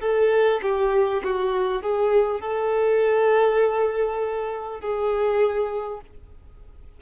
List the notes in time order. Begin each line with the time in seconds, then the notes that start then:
0.00 A4
0.62 G4
1.24 F#4
1.82 G#4
2.40 A4
4.80 G#4